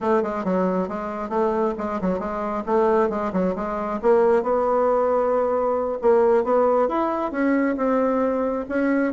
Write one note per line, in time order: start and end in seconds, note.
0.00 0.22 A3
0.22 0.44 G#3
0.44 0.88 F#3
0.88 1.29 G#3
1.29 1.73 A3
1.78 2.00 G#3
2.01 2.19 F#3
2.19 2.63 G#3
2.66 3.09 A3
3.09 3.32 G#3
3.32 3.55 F#3
3.55 4.00 G#3
4.01 4.42 A#3
4.42 5.98 B3
6.01 6.44 A#3
6.44 6.88 B3
6.88 7.31 E4
7.31 7.76 C#4
7.76 8.65 C4
8.68 9.12 C#4